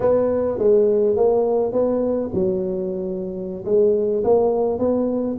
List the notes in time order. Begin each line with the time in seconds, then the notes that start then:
0.00 B3
0.58 G#3
1.16 A#3
1.72 B3
2.34 F#3
3.65 G#3
4.24 A#3
4.78 B3